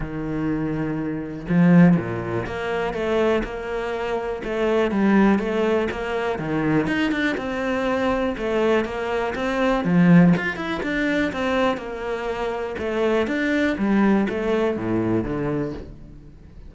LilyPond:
\new Staff \with { instrumentName = "cello" } { \time 4/4 \tempo 4 = 122 dis2. f4 | ais,4 ais4 a4 ais4~ | ais4 a4 g4 a4 | ais4 dis4 dis'8 d'8 c'4~ |
c'4 a4 ais4 c'4 | f4 f'8 e'8 d'4 c'4 | ais2 a4 d'4 | g4 a4 a,4 d4 | }